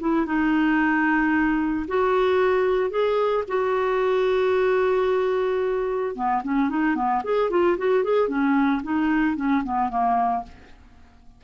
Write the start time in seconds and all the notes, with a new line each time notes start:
0.00 E4
0.26 D#4
1.88 F#4
2.91 G#4
3.48 F#4
6.16 B3
6.44 C#4
6.70 D#4
6.95 B3
7.24 G#4
7.50 F4
7.78 F#4
8.04 G#4
8.29 C#4
8.83 D#4
9.36 C#4
9.64 B3
9.90 A#3